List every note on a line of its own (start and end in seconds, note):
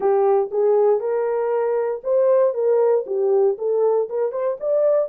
0.00 0.49 G4
0.51 1.00 G#4
1.00 2.01 A#4
2.03 2.54 C5
2.54 3.04 A#4
3.06 3.57 G4
3.57 4.08 A4
4.09 4.32 A#4
4.32 4.57 C5
4.60 5.09 D5